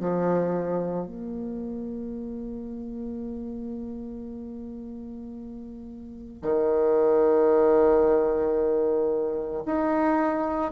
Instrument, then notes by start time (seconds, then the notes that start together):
bassoon
0.00 F3
1.07 A#3
6.42 D#3
9.66 D#4